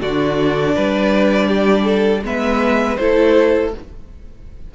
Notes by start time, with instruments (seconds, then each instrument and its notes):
0.00 cello D3, viola D4, violin F#4 D5
0.75 cello G3, violin B4
1.48 violin G4
1.84 violin A4
2.23 cello G#3, viola B3, violin B4 E5
2.97 cello A3, viola E4, violin A4 C5